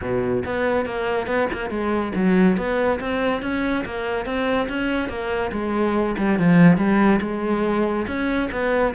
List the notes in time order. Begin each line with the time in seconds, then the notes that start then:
0.01 B2
0.45 B3
0.85 A#3
1.26 B3
1.52 A#3
1.70 G#3
2.15 F#3
2.57 B3
3.00 C4
3.42 C#4
3.85 A#3
4.25 C4
4.68 C#4
5.08 A#3
5.52 G#3
6.17 G3
6.38 F3
6.77 G3
7.21 G#3
8.07 C#4
8.51 B3